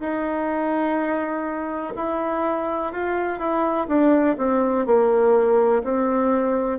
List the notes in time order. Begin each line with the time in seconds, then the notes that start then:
0.00 D#4
1.96 E4
2.93 F4
3.39 E4
3.89 D4
4.38 C4
4.87 A#3
5.84 C4